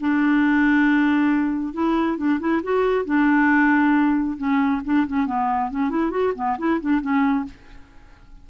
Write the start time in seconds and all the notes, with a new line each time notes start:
0.00 D4
1.73 E4
2.17 D4
2.39 E4
2.63 F#4
3.05 D4
4.37 C#4
4.84 D4
5.07 C#4
5.26 B3
5.70 C#4
5.90 E4
6.11 F#4
6.35 B3
6.58 E4
6.80 D4
7.01 C#4